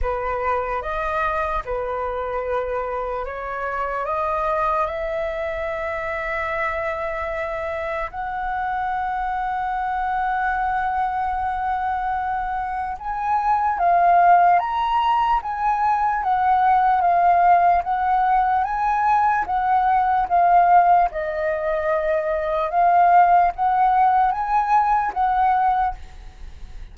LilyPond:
\new Staff \with { instrumentName = "flute" } { \time 4/4 \tempo 4 = 74 b'4 dis''4 b'2 | cis''4 dis''4 e''2~ | e''2 fis''2~ | fis''1 |
gis''4 f''4 ais''4 gis''4 | fis''4 f''4 fis''4 gis''4 | fis''4 f''4 dis''2 | f''4 fis''4 gis''4 fis''4 | }